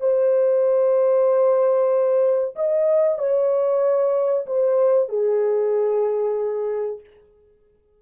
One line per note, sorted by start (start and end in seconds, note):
0.00 2.55 C5
2.56 3.19 D#5
3.19 4.46 C#5
4.46 5.09 C5
5.09 7.00 G#4